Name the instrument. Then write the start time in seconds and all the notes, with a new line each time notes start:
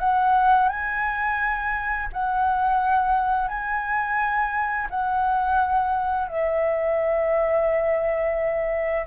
flute
0.00 F#5
0.69 G#5
2.13 F#5
3.49 G#5
4.91 F#5
6.29 E5